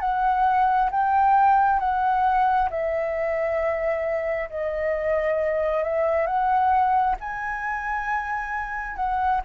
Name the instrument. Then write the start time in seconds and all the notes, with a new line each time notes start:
flute
0.00 F#5
0.91 G5
1.79 F#5
2.70 E5
4.50 D#5
5.83 E5
6.26 F#5
7.20 G#5
8.96 F#5